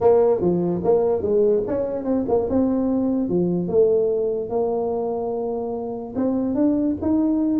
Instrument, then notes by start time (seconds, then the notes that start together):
tuba
0.01 A#3
0.40 F3
0.83 A#3
1.21 G#3
1.67 C#4
2.04 C4
2.28 A#3
2.49 C4
3.29 F3
3.68 A3
4.49 A#3
6.15 C4
6.54 D4
7.01 D#4